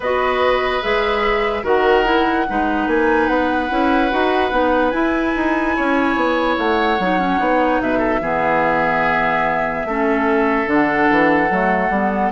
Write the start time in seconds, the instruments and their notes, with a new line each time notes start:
0.00 bassoon B3, clarinet F#4, oboe B4, flute D#5
0.82 bassoon G#3, clarinet G#4, flute E5
1.63 bassoon D#3, clarinet F#4, oboe A#4, flute F#5
2.04 clarinet E4
2.48 bassoon G#3, clarinet D#4, oboe B4
2.87 bassoon A#3, flute G#5
3.27 bassoon B3, flute F#5
3.69 bassoon C#4, clarinet E4
4.10 bassoon D#4, clarinet F#4
4.51 bassoon B3, clarinet D#4
4.90 clarinet E4, bassoon E4, flute G#5
5.35 bassoon D#4
5.76 bassoon C#4, oboe C#5
6.15 bassoon B3
6.58 bassoon A3, flute F#5
6.99 bassoon F#3, clarinet D#4
7.19 clarinet C#4
7.38 bassoon B3, clarinet D#4
7.80 bassoon B2, oboe B4, flute E5
7.98 oboe A4
8.20 bassoon E3, clarinet B3, oboe G#4
9.84 bassoon A3, clarinet C#4, oboe A4
10.66 bassoon D3, clarinet D4
10.72 flute F#5
11.10 bassoon E3
11.49 bassoon F#3, clarinet A3
11.89 bassoon G3, clarinet B3